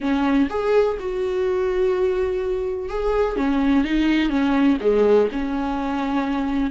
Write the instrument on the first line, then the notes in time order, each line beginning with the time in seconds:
viola
0.00 C#4
0.49 G#4
0.99 F#4
2.89 G#4
3.36 C#4
3.84 D#4
4.29 C#4
4.80 G#3
5.31 C#4